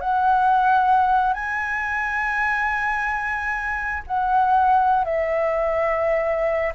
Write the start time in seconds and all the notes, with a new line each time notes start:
0.00 F#5
1.33 G#5
4.07 F#5
5.04 E5